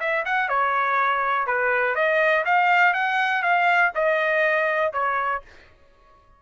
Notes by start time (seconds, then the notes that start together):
0.00 E5
0.25 F#5
0.49 C#5
1.47 B4
1.96 D#5
2.45 F5
2.94 F#5
3.42 F5
3.95 D#5
4.93 C#5